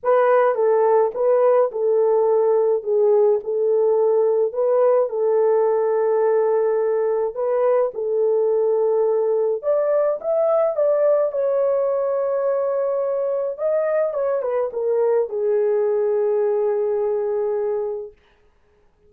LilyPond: \new Staff \with { instrumentName = "horn" } { \time 4/4 \tempo 4 = 106 b'4 a'4 b'4 a'4~ | a'4 gis'4 a'2 | b'4 a'2.~ | a'4 b'4 a'2~ |
a'4 d''4 e''4 d''4 | cis''1 | dis''4 cis''8 b'8 ais'4 gis'4~ | gis'1 | }